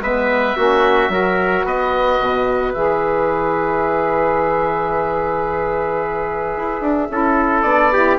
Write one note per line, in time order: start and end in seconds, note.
0.00 0.55 G#3
0.00 0.58 B3
0.00 0.57 B4
0.00 1.66 E5
0.57 1.09 A#3
0.57 1.10 C#4
0.57 1.11 F#4
1.09 1.63 F#3
1.09 2.74 F#4
1.09 1.65 A#4
1.65 2.20 B3
1.65 7.10 B4
1.65 2.74 D#5
2.20 2.75 B2
2.74 6.56 E3
2.74 7.10 G#4
2.74 7.62 E5
6.56 6.81 E4
6.81 7.08 D4
7.10 7.63 C#4
7.10 7.65 E4
7.10 7.93 A4
7.62 8.18 B3
7.62 7.92 D4
7.62 8.17 D5
7.93 8.19 E4
7.93 8.19 G4